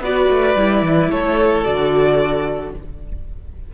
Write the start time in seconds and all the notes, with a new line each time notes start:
0.00 B3 F#4 B4 D5
0.29 A3
0.55 G3 E4
0.81 E3
1.09 A3 A4 C#5
1.64 D3 F#4 D5